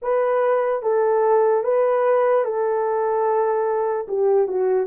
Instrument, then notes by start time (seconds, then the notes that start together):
horn
0.02 B4
0.82 A4
1.63 B4
2.44 A4
4.08 G4
4.47 F#4